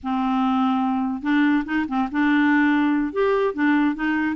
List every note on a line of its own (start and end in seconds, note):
0.03 1.22 C4
1.22 1.64 D4
1.65 1.86 D#4
1.87 2.08 C4
2.11 3.12 D4
3.12 3.54 G4
3.54 3.95 D4
3.95 4.35 D#4